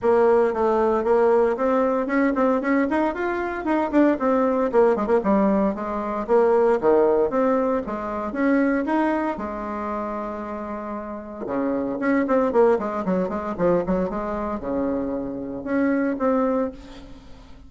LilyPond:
\new Staff \with { instrumentName = "bassoon" } { \time 4/4 \tempo 4 = 115 ais4 a4 ais4 c'4 | cis'8 c'8 cis'8 dis'8 f'4 dis'8 d'8 | c'4 ais8 gis16 ais16 g4 gis4 | ais4 dis4 c'4 gis4 |
cis'4 dis'4 gis2~ | gis2 cis4 cis'8 c'8 | ais8 gis8 fis8 gis8 f8 fis8 gis4 | cis2 cis'4 c'4 | }